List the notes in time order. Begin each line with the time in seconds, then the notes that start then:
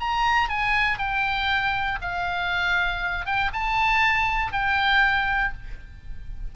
0.00 A#5
0.49 G#5
0.98 G5
2.01 F5
3.26 G5
3.53 A5
4.52 G5